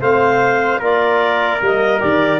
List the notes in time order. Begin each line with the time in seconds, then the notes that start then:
0.00 A3 C4 C5 F5
0.79 A#3 F4 A#4 D5
1.60 G3 A#3 D#5
2.00 D#3 G4 D5